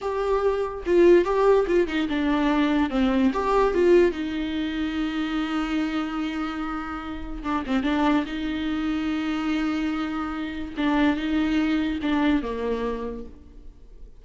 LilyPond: \new Staff \with { instrumentName = "viola" } { \time 4/4 \tempo 4 = 145 g'2 f'4 g'4 | f'8 dis'8 d'2 c'4 | g'4 f'4 dis'2~ | dis'1~ |
dis'2 d'8 c'8 d'4 | dis'1~ | dis'2 d'4 dis'4~ | dis'4 d'4 ais2 | }